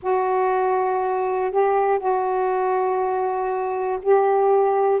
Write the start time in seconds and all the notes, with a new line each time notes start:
0.02 F#4
1.50 G4
1.99 F#4
4.01 G4